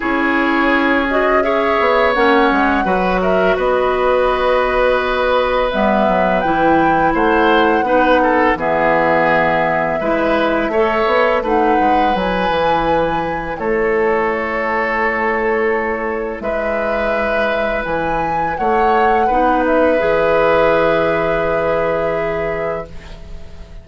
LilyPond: <<
  \new Staff \with { instrumentName = "flute" } { \time 4/4 \tempo 4 = 84 cis''4. dis''8 e''4 fis''4~ | fis''8 e''8 dis''2. | e''4 g''4 fis''2 | e''1 |
fis''4 gis''2 cis''4~ | cis''2. e''4~ | e''4 gis''4 fis''4. e''8~ | e''1 | }
  \new Staff \with { instrumentName = "oboe" } { \time 4/4 gis'2 cis''2 | b'8 ais'8 b'2.~ | b'2 c''4 b'8 a'8 | gis'2 b'4 cis''4 |
b'2. a'4~ | a'2. b'4~ | b'2 cis''4 b'4~ | b'1 | }
  \new Staff \with { instrumentName = "clarinet" } { \time 4/4 e'4. fis'8 gis'4 cis'4 | fis'1 | b4 e'2 dis'4 | b2 e'4 a'4 |
dis'4 e'2.~ | e'1~ | e'2. dis'4 | gis'1 | }
  \new Staff \with { instrumentName = "bassoon" } { \time 4/4 cis'2~ cis'8 b8 ais8 gis8 | fis4 b2. | g8 fis8 e4 a4 b4 | e2 gis4 a8 b8 |
a8 gis8 fis8 e4. a4~ | a2. gis4~ | gis4 e4 a4 b4 | e1 | }
>>